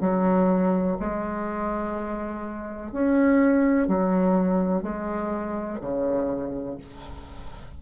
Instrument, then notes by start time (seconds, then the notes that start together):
bassoon
0.00 F#3
0.99 G#3
2.92 C#4
3.87 F#3
4.82 G#3
5.81 C#3